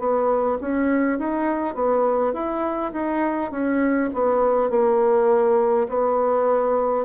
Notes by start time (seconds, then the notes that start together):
0.00 B3
0.61 C#4
1.19 D#4
1.75 B3
2.34 E4
2.93 D#4
3.52 C#4
4.14 B3
4.71 A#3
5.89 B3